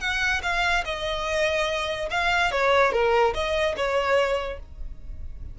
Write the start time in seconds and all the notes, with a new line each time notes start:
0.00 F#5
0.43 F5
0.85 D#5
2.10 F5
2.51 C#5
2.92 A#4
3.34 D#5
3.76 C#5